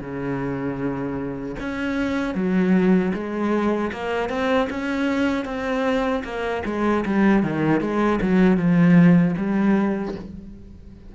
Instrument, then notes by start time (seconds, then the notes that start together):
cello
0.00 C#3
1.60 C#4
2.34 F#3
3.13 G#3
3.92 A#3
4.29 C4
4.70 C#4
5.45 C4
6.24 A#3
6.66 G#3
7.05 G3
7.43 D#3
7.80 G#3
8.21 F#3
8.57 F3
9.37 G3